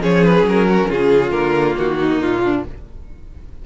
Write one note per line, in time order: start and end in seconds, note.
0.00 0.42 F3
0.00 1.31 C#4
0.00 0.68 G#4
0.00 0.24 C#5
0.24 0.46 B4
0.42 0.86 F#3
0.49 0.91 A#4
0.69 0.89 F#4
0.89 1.32 C#3
0.89 1.98 F4
0.89 1.31 G#4
1.31 1.76 D3
1.31 2.62 A#3
1.31 1.75 A#4
1.78 2.22 D#3
1.78 2.21 F#4
1.99 2.43 D#4
2.21 2.66 A#2
2.21 2.65 F4
2.43 2.65 D4